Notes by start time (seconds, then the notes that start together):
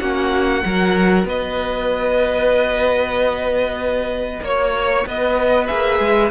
0.00 A#3 C#4 F#4 F#5
0.64 F#3 F#4 A#4
1.25 B3 B4 D#5
4.42 A#3 C#5
5.07 B3 B4 D#5
5.67 A#3 G#4 E5
6.00 G#3